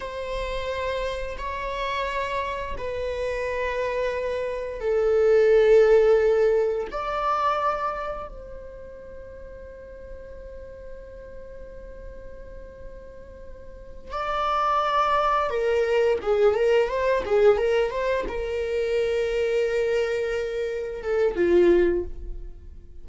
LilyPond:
\new Staff \with { instrumentName = "viola" } { \time 4/4 \tempo 4 = 87 c''2 cis''2 | b'2. a'4~ | a'2 d''2 | c''1~ |
c''1~ | c''8 d''2 ais'4 gis'8 | ais'8 c''8 gis'8 ais'8 c''8 ais'4.~ | ais'2~ ais'8 a'8 f'4 | }